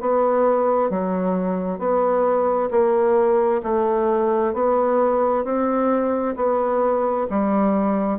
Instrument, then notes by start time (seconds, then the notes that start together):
bassoon
0.00 B3
0.90 F#3
1.79 B3
2.71 A#3
3.62 A3
4.53 B3
5.44 C4
6.36 B3
7.30 G3